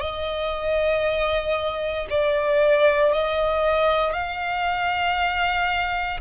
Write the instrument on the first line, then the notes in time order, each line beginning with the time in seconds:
violin
0.00 D#5
2.10 D5
3.13 D#5
4.13 F5